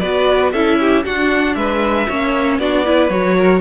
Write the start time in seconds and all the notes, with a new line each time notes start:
0.00 B3 F#4 B4 D5
0.52 C#4 E4 A4 E5
0.80 G4
1.05 D4 F#4 F#5
1.55 G#3 B4 E5
2.09 A#3 C#4 C#5
2.59 B3 D4 F#4 D5
2.85 E4 B4
3.10 F#3 F#4 C#5
3.38 A#4